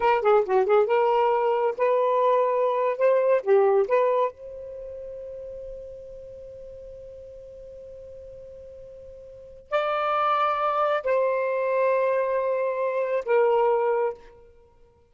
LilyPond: \new Staff \with { instrumentName = "saxophone" } { \time 4/4 \tempo 4 = 136 ais'8 gis'8 fis'8 gis'8 ais'2 | b'2~ b'8. c''4 g'16~ | g'8. b'4 c''2~ c''16~ | c''1~ |
c''1~ | c''2 d''2~ | d''4 c''2.~ | c''2 ais'2 | }